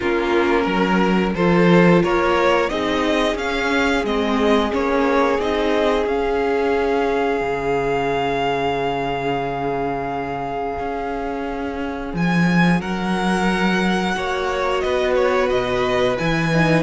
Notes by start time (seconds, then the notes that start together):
0.00 A#3 C#4 F4 A#4
0.62 F#3 A#4
1.35 F3 F4 A4 C5
2.02 A#3 A#4 C#5
2.69 C4 D#4 G#4 D#5
3.34 C#4 F5
4.04 G#3 C4 D#5
4.71 A#3 C#4 C#5
5.38 C4 D#4 D#5
6.06 C#4 F5
7.41 C#3
10.78 C#4
12.13 F3 G#5
12.80 F#3 A#4 F#5
14.15 A#3 F#4 C#5
14.79 B3 B4 D#5
15.15 C#5
15.49 B2 D#5
16.18 E3 E4 G#5
16.52 D#4